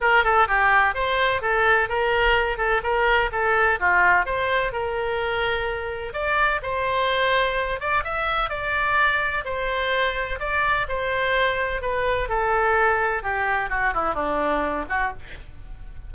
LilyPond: \new Staff \with { instrumentName = "oboe" } { \time 4/4 \tempo 4 = 127 ais'8 a'8 g'4 c''4 a'4 | ais'4. a'8 ais'4 a'4 | f'4 c''4 ais'2~ | ais'4 d''4 c''2~ |
c''8 d''8 e''4 d''2 | c''2 d''4 c''4~ | c''4 b'4 a'2 | g'4 fis'8 e'8 d'4. fis'8 | }